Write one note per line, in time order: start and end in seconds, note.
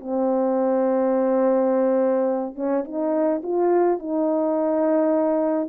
0.00 2.55 C4
2.55 2.84 C#4
2.85 3.42 D#4
3.43 3.99 F4
3.99 5.69 D#4